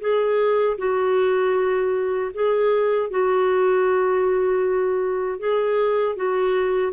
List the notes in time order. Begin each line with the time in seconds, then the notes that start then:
0.00 G#4
0.78 F#4
2.34 G#4
3.10 F#4
5.39 G#4
6.16 F#4